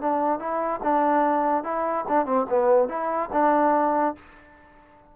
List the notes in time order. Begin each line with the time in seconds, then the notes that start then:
0.00 D4
0.39 E4
0.83 D4
1.63 E4
2.08 D4
2.25 C4
2.49 B3
2.88 E4
3.32 D4